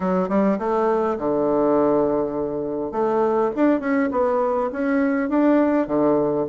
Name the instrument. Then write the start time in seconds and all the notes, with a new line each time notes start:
bassoon
0.00 F#3
0.29 G3
0.59 A3
1.18 D3
2.91 A3
3.55 D4
3.80 C#4
4.11 B3
4.72 C#4
5.29 D4
5.87 D3